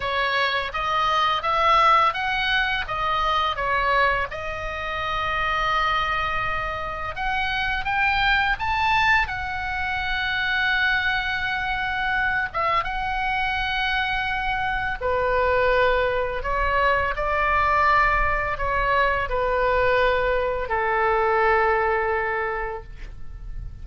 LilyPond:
\new Staff \with { instrumentName = "oboe" } { \time 4/4 \tempo 4 = 84 cis''4 dis''4 e''4 fis''4 | dis''4 cis''4 dis''2~ | dis''2 fis''4 g''4 | a''4 fis''2.~ |
fis''4. e''8 fis''2~ | fis''4 b'2 cis''4 | d''2 cis''4 b'4~ | b'4 a'2. | }